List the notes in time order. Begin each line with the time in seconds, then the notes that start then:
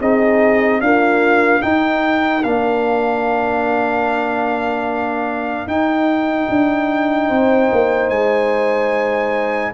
0.00 C4 D#4 G#4 D#5
0.81 A#3 D4 F4 F5
1.61 D#4 A#4 G5
2.43 A#3 D4 F5
5.66 D#4 G5
6.49 D4
7.28 C4 C5
7.72 A#3
8.10 G#3 G#5